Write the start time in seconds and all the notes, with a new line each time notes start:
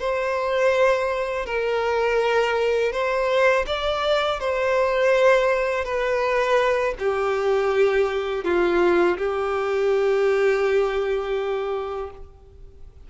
0.00 C5
1.46 A#4
2.92 C5
3.67 D5
4.40 C5
5.85 B4
6.99 G4
8.44 F4
9.18 G4